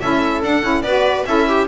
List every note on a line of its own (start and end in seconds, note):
0.00 0.43 C#4
0.00 0.43 E4
0.00 0.84 A4
0.00 0.42 E5
0.43 0.63 D4
0.43 0.82 F#5
0.63 0.82 C#4
0.63 0.84 E4
0.82 1.24 B3
0.82 1.26 F#4
0.82 1.26 B4
0.82 1.24 D5
1.26 1.68 C#4
1.26 1.68 E4
1.26 1.48 A4
1.26 1.68 E5
1.48 1.68 G4